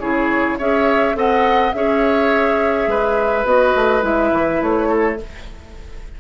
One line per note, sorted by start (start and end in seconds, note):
0.00 0.58 C#3
0.00 0.59 E4
0.00 0.58 G#4
0.00 0.58 C#5
0.58 1.16 C#4
0.58 1.15 G#4
0.58 1.16 C#5
0.58 1.17 E5
1.15 1.74 C4
1.15 1.72 A4
1.15 1.76 D#5
1.15 1.73 F#5
1.73 2.87 C#4
1.73 3.45 G#4
1.73 2.90 C#5
1.73 3.46 E5
2.87 3.45 G#3
2.87 4.89 B4
3.45 3.74 B3
3.45 4.02 F#4
3.45 4.04 D#5
3.76 4.03 A3
4.02 4.32 G#3
4.02 5.17 E4
4.02 4.63 E5
4.33 4.62 E3
4.62 5.20 A3
4.62 5.21 C#5
4.89 5.18 A4